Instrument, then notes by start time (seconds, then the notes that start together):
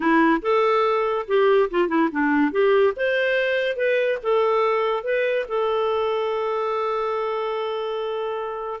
clarinet
0.00 E4
0.42 A4
1.27 G4
1.70 F4
1.88 E4
2.11 D4
2.51 G4
2.96 C5
3.76 B4
4.22 A4
5.03 B4
5.48 A4